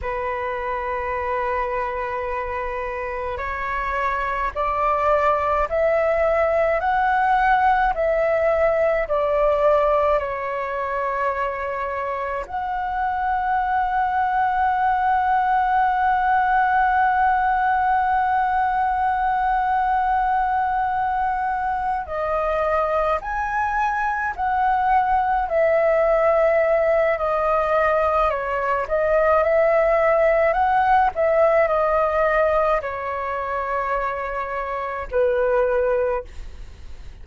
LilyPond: \new Staff \with { instrumentName = "flute" } { \time 4/4 \tempo 4 = 53 b'2. cis''4 | d''4 e''4 fis''4 e''4 | d''4 cis''2 fis''4~ | fis''1~ |
fis''2.~ fis''8 dis''8~ | dis''8 gis''4 fis''4 e''4. | dis''4 cis''8 dis''8 e''4 fis''8 e''8 | dis''4 cis''2 b'4 | }